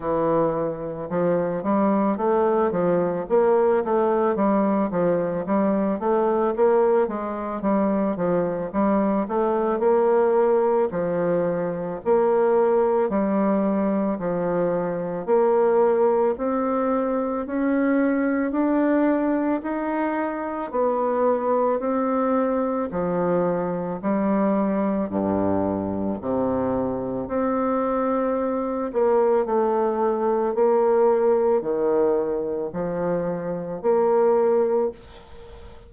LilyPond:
\new Staff \with { instrumentName = "bassoon" } { \time 4/4 \tempo 4 = 55 e4 f8 g8 a8 f8 ais8 a8 | g8 f8 g8 a8 ais8 gis8 g8 f8 | g8 a8 ais4 f4 ais4 | g4 f4 ais4 c'4 |
cis'4 d'4 dis'4 b4 | c'4 f4 g4 g,4 | c4 c'4. ais8 a4 | ais4 dis4 f4 ais4 | }